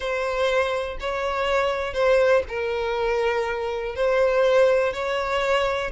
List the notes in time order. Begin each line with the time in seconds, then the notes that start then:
0.00 C5
1.00 C#5
1.93 C5
2.48 A#4
3.95 C5
4.93 C#5